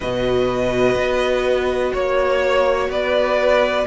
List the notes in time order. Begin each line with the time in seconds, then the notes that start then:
0.00 B2 F#4 B4 D#5
0.95 B3
1.92 A#3 C#5
2.89 B3 B4 D5